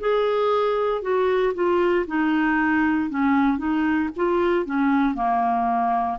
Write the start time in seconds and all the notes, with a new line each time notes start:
0.00 G#4
1.02 F#4
1.54 F4
2.07 D#4
3.10 C#4
3.58 D#4
4.17 F4
4.66 C#4
5.15 A#3